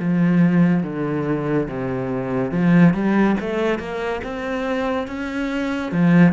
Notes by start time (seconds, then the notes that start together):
0.00 F3
0.84 D3
1.69 C3
2.52 F3
2.94 G3
3.41 A3
3.80 A#3
4.24 C4
5.08 C#4
5.92 F3